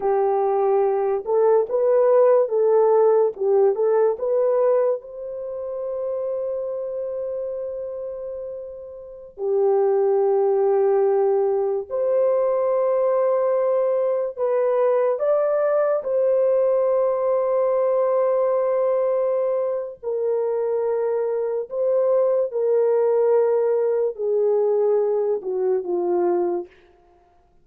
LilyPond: \new Staff \with { instrumentName = "horn" } { \time 4/4 \tempo 4 = 72 g'4. a'8 b'4 a'4 | g'8 a'8 b'4 c''2~ | c''2.~ c''16 g'8.~ | g'2~ g'16 c''4.~ c''16~ |
c''4~ c''16 b'4 d''4 c''8.~ | c''1 | ais'2 c''4 ais'4~ | ais'4 gis'4. fis'8 f'4 | }